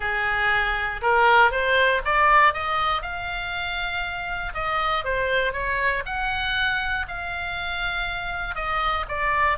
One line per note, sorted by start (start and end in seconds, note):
0.00 1.01 G#4
1.01 1.51 A#4
1.51 2.01 C5
2.04 2.53 D5
2.53 3.01 D#5
3.01 4.53 F5
4.54 5.04 D#5
5.04 5.52 C5
5.52 6.03 C#5
6.05 7.06 F#5
7.07 8.55 F5
8.55 9.05 D#5
9.08 9.58 D5